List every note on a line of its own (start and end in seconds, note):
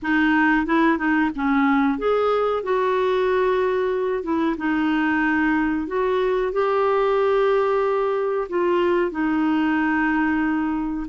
0.02 0.66 D#4
0.66 0.98 E4
0.98 1.30 D#4
1.35 1.98 C#4
1.98 2.63 G#4
2.63 4.23 F#4
4.23 4.55 E4
4.57 5.87 D#4
5.87 6.52 F#4
6.52 8.48 G4
8.49 9.11 F4
9.11 11.07 D#4